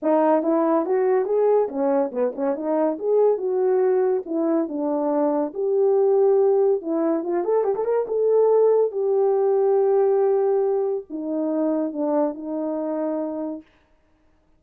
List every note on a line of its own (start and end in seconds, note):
0.02 0.43 D#4
0.43 0.85 E4
0.85 1.25 F#4
1.25 1.68 G#4
1.68 2.11 C#4
2.11 2.32 B3
2.35 2.55 C#4
2.55 2.97 D#4
2.98 3.37 G#4
3.37 4.22 F#4
4.25 4.68 E4
4.68 5.53 D4
5.54 6.81 G4
6.81 7.23 E4
7.23 7.44 F4
7.44 7.64 A4
7.64 7.74 G4
7.75 7.84 A4
7.84 8.06 A#4
8.07 8.91 A4
8.91 11.04 G4
11.10 11.92 D#4
11.92 12.34 D4
12.34 13.62 D#4